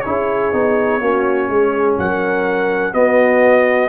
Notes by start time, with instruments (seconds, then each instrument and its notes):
0.00 tuba C#4, trombone E4, trumpet C#5
0.07 horn G#4
0.52 tuba B3, trombone D#4
1.00 tuba A#3, trombone C#4, horn F#4
1.48 tuba G#3, horn G#4
1.98 tuba F#3, horn A#4, trumpet F#5
2.93 tuba B3, trombone B3, horn F#4, trumpet D#5